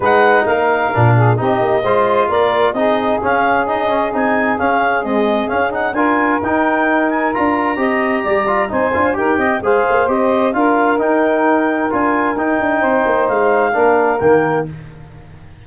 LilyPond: <<
  \new Staff \with { instrumentName = "clarinet" } { \time 4/4 \tempo 4 = 131 fis''4 f''2 dis''4~ | dis''4 d''4 dis''4 f''4 | dis''4 gis''4 f''4 dis''4 | f''8 fis''8 gis''4 g''4. gis''8 |
ais''2. gis''4 | g''4 f''4 dis''4 f''4 | g''2 gis''4 g''4~ | g''4 f''2 g''4 | }
  \new Staff \with { instrumentName = "saxophone" } { \time 4/4 b'4 ais'4. gis'8 g'4 | c''4 ais'4 gis'2~ | gis'1~ | gis'4 ais'2.~ |
ais'4 dis''4 d''4 c''4 | ais'8 dis''8 c''2 ais'4~ | ais'1 | c''2 ais'2 | }
  \new Staff \with { instrumentName = "trombone" } { \time 4/4 dis'2 d'4 dis'4 | f'2 dis'4 cis'4 | dis'8 cis'8 dis'4 cis'4 gis4 | cis'8 dis'8 f'4 dis'2 |
f'4 g'4. f'8 dis'8 f'8 | g'4 gis'4 g'4 f'4 | dis'2 f'4 dis'4~ | dis'2 d'4 ais4 | }
  \new Staff \with { instrumentName = "tuba" } { \time 4/4 gis4 ais4 ais,4 c'8 ais8 | gis4 ais4 c'4 cis'4~ | cis'4 c'4 cis'4 c'4 | cis'4 d'4 dis'2 |
d'4 c'4 g4 c'8 d'8 | dis'8 c'8 gis8 ais8 c'4 d'4 | dis'2 d'4 dis'8 d'8 | c'8 ais8 gis4 ais4 dis4 | }
>>